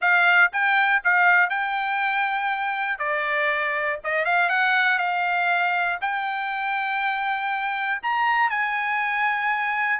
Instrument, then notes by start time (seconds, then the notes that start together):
trumpet
0.01 F5
0.52 G5
1.04 F5
1.49 G5
2.98 D5
4.04 D#5
4.25 F5
4.49 F#5
4.98 F5
6.01 G5
8.02 A#5
8.50 G#5